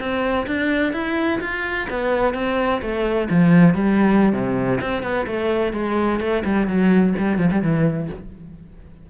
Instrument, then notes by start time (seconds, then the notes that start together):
cello
0.00 C4
0.47 D4
0.93 E4
1.41 F4
1.90 B3
2.35 C4
2.82 A3
3.30 F3
3.75 G3
4.33 C3
4.81 C4
5.03 B3
5.27 A3
5.73 G#3
6.20 A3
6.45 G3
6.68 F#3
7.19 G3
7.38 F3
7.51 G3
7.62 E3